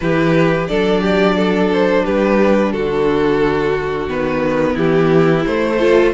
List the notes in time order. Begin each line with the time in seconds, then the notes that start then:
0.00 E3 E4 G4 B4
0.67 F#3 D4 A4 D5
1.01 G4
1.35 A4
1.72 C5
2.04 G3 G4 B4
2.72 D3 F#4 A4
4.07 D#3 B3 B4
4.73 E3 E4 G4
5.45 A3 C5
5.78 F4 A4